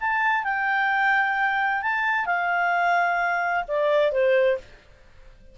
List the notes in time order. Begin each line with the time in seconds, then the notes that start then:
0.00 A5
0.44 G5
1.82 A5
2.25 F5
3.67 D5
4.11 C5